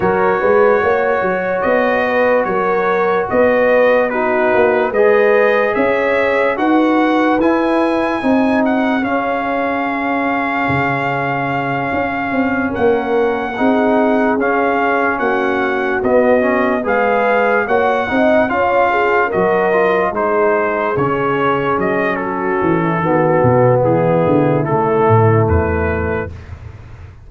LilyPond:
<<
  \new Staff \with { instrumentName = "trumpet" } { \time 4/4 \tempo 4 = 73 cis''2 dis''4 cis''4 | dis''4 b'4 dis''4 e''4 | fis''4 gis''4. fis''8 f''4~ | f''2.~ f''8 fis''8~ |
fis''4. f''4 fis''4 dis''8~ | dis''8 f''4 fis''4 f''4 dis''8~ | dis''8 c''4 cis''4 dis''8 a'4~ | a'4 gis'4 a'4 b'4 | }
  \new Staff \with { instrumentName = "horn" } { \time 4/4 ais'8 b'8 cis''4. b'8 ais'4 | b'4 fis'4 b'4 cis''4 | b'2 gis'2~ | gis'2.~ gis'8 ais'8~ |
ais'8 gis'2 fis'4.~ | fis'8 b'4 cis''8 dis''8 cis''8 gis'8 ais'8~ | ais'8 gis'2~ gis'8 fis'8. e'16 | fis'4 e'2. | }
  \new Staff \with { instrumentName = "trombone" } { \time 4/4 fis'1~ | fis'4 dis'4 gis'2 | fis'4 e'4 dis'4 cis'4~ | cis'1~ |
cis'8 dis'4 cis'2 b8 | cis'8 gis'4 fis'8 dis'8 f'4 fis'8 | f'8 dis'4 cis'2~ cis'8 | b2 a2 | }
  \new Staff \with { instrumentName = "tuba" } { \time 4/4 fis8 gis8 ais8 fis8 b4 fis4 | b4. ais8 gis4 cis'4 | dis'4 e'4 c'4 cis'4~ | cis'4 cis4. cis'8 c'8 ais8~ |
ais8 c'4 cis'4 ais4 b8~ | b8 gis4 ais8 c'8 cis'4 fis8~ | fis8 gis4 cis4 fis4 e8 | dis8 b,8 e8 d8 cis8 a,8 e,4 | }
>>